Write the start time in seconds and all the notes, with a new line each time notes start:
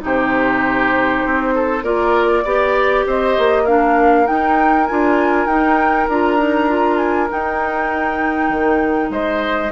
0.00 C3 D#4 G4 C5
1.25 C4
1.54 A4
1.83 A#3 F4 A#4 D5
2.44 B3 G4 D5
3.06 C4 C5 D#5
3.38 A#3
3.63 D4 A#4 F5
4.26 D#4 G5
4.86 D4 F4 G#5
5.46 D#4 G5
6.08 D4 F4 A#5
6.38 D#4
6.68 F4
6.97 G#5
7.29 D#4 G5
8.49 D#3
9.10 G#3 C5 D#5